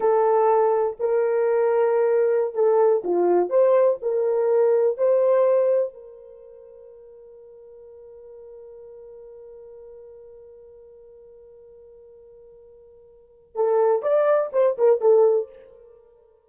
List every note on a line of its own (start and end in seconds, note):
0.00 0.97 A4
0.99 2.54 A#4
2.54 3.02 A4
3.04 3.49 F4
3.49 3.98 C5
4.01 4.97 A#4
4.97 5.93 C5
5.93 13.55 A#4
13.55 14.02 A4
14.02 14.50 D5
14.52 14.76 C5
14.78 15.00 A#4
15.00 15.49 A4